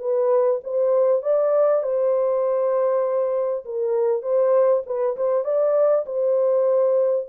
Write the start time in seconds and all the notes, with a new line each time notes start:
0.00 B4
0.64 C5
1.23 D5
1.83 C5
3.66 A#4
4.23 C5
4.87 B4
5.17 C5
5.45 D5
6.06 C5